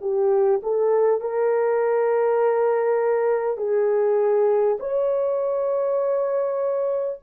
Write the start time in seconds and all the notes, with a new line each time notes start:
0.00 G4
0.62 A4
1.20 A#4
3.57 G#4
4.79 C#5